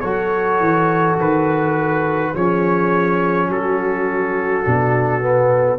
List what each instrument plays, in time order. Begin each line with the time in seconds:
0.00 tuba F#3, trombone F#4, horn A4, trumpet C#5
0.59 tuba E3
1.17 tuba D#3, trumpet B4
2.33 tuba F3, trombone C#4, horn G#4, trumpet C#5
3.48 tuba F#3, horn F#4, trumpet A4
4.64 tuba B2, trombone D4
5.20 trombone B3